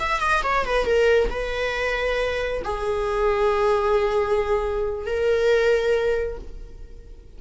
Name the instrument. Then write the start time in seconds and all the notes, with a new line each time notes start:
viola
0.00 E5
0.21 D#5
0.44 C#5
0.66 B4
0.85 A#4
1.30 B4
2.64 G#4
5.06 A#4